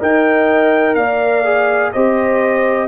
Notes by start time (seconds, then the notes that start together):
0.00 D#4 A#4 D#5 G5
0.95 A#3 D5 F5
1.45 G#4
1.93 C4 G4 C5 D#5